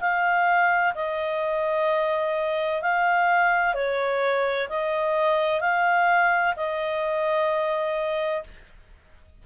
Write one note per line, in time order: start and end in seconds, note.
0.00 0.94 F5
0.95 2.82 D#5
2.82 3.74 F5
3.74 4.68 C#5
4.69 5.60 D#5
5.60 6.54 F5
6.56 8.43 D#5